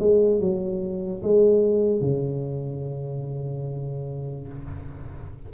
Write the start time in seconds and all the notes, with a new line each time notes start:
0.00 G#3
0.41 F#3
1.23 G#3
2.02 C#3